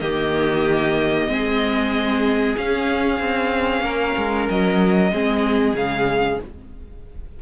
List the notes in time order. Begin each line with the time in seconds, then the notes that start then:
0.00 D#3 A#3 G4 D#5
1.28 G#3 C4 G#4
2.56 C#4 F5
3.20 C4
3.81 A#3 A#4
4.17 G#3
4.50 F#3 D#5
5.12 G#3 C4 G#4
5.74 C#3 G#3 F5